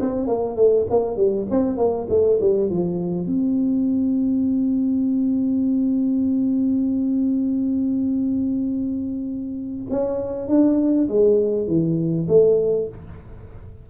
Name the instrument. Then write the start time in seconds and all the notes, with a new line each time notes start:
tuba
0.00 C4
0.26 A#3
0.56 A3
0.90 A#3
1.16 G3
1.50 C4
1.77 A#3
2.09 A3
2.40 G3
2.69 F3
3.26 C4
9.89 C#4
10.48 D4
11.08 G#3
11.67 E3
12.28 A3